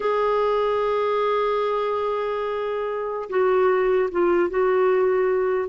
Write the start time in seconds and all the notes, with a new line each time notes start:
0.00 G#4
3.29 F#4
4.11 F4
4.50 F#4